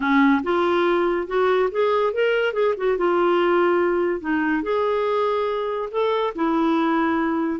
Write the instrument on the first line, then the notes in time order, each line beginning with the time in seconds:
clarinet
0.00 C#4
0.43 F4
1.27 F#4
1.71 G#4
2.13 A#4
2.53 G#4
2.77 F#4
2.97 F4
4.20 D#4
4.62 G#4
5.91 A4
6.35 E4